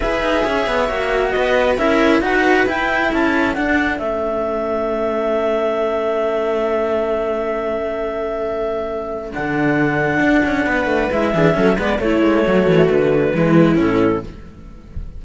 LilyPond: <<
  \new Staff \with { instrumentName = "clarinet" } { \time 4/4 \tempo 4 = 135 e''2. dis''4 | e''4 fis''4 g''4 a''4 | fis''4 e''2.~ | e''1~ |
e''1~ | e''4 fis''2.~ | fis''4 e''4. d''8 cis''4~ | cis''4 b'2 a'4 | }
  \new Staff \with { instrumentName = "viola" } { \time 4/4 b'4 cis''2 b'4 | ais'4 b'2 a'4~ | a'1~ | a'1~ |
a'1~ | a'1 | b'4. gis'8 a'8 b'8 e'4 | fis'2 e'2 | }
  \new Staff \with { instrumentName = "cello" } { \time 4/4 gis'2 fis'2 | e'4 fis'4 e'2 | d'4 cis'2.~ | cis'1~ |
cis'1~ | cis'4 d'2.~ | d'4 e'8 d'8 cis'8 b8 a4~ | a2 gis4 cis'4 | }
  \new Staff \with { instrumentName = "cello" } { \time 4/4 e'8 dis'8 cis'8 b8 ais4 b4 | cis'4 dis'4 e'4 cis'4 | d'4 a2.~ | a1~ |
a1~ | a4 d2 d'8 cis'8 | b8 a8 gis8 e8 fis8 gis8 a8 gis8 | fis8 e8 d4 e4 a,4 | }
>>